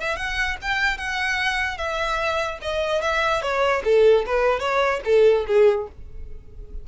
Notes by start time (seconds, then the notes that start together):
0.00 E5
0.17 F#5
0.62 G5
0.98 F#5
1.78 E5
2.62 D#5
3.01 E5
3.42 C#5
3.85 A4
4.26 B4
4.60 C#5
5.05 A4
5.47 G#4